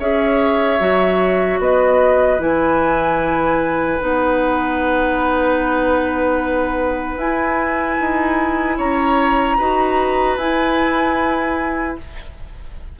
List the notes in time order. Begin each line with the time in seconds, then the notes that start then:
0.00 C#4 G#4 C#5 E5
0.80 F#3 F#4
1.59 B3 B4 D#5
2.39 E3 E4 G#5
4.00 B3 D#4 F#5
7.17 E4 G#5
8.01 D#4
8.77 C#4 C#5 A#5
9.58 D#4 F#4 B4
10.37 E4 G#5